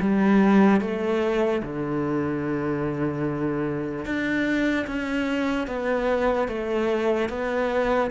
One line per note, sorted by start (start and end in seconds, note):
0.00 0.81 G3
0.81 1.62 A3
1.63 4.05 D3
4.05 4.86 D4
4.86 5.67 C#4
5.67 6.48 B3
6.48 7.29 A3
7.29 8.10 B3